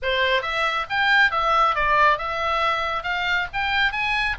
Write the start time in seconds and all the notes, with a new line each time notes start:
0.02 C5
0.42 E5
0.89 G5
1.31 E5
1.75 D5
2.18 E5
3.03 F5
3.53 G5
3.92 G#5